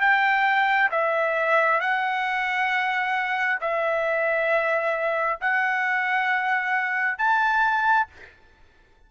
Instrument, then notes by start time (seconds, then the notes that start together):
trumpet
0.00 G5
0.91 E5
1.80 F#5
3.61 E5
5.41 F#5
7.18 A5